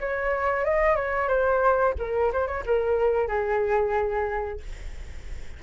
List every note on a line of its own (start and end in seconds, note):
0.00 0.64 C#5
0.64 0.96 D#5
0.96 1.28 C#5
1.28 1.94 C5
1.99 2.32 A#4
2.33 2.47 C5
2.47 2.63 C#5
2.66 3.28 A#4
3.28 4.60 G#4